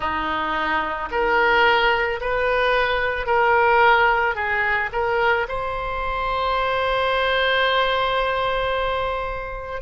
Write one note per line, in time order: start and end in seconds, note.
0.00 1.09 D#4
1.11 2.20 A#4
2.20 3.26 B4
3.26 4.35 A#4
4.35 4.89 G#4
4.92 5.46 A#4
5.48 9.81 C5